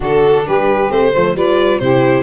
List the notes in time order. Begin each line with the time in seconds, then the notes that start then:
0.00 D3 D4 F#4 A4
0.46 G3 G4 B4
0.89 A3 C4 C5
1.12 F3 A3 C5
1.34 G3 F4 B4 D5
1.78 C3 E4 G4 C5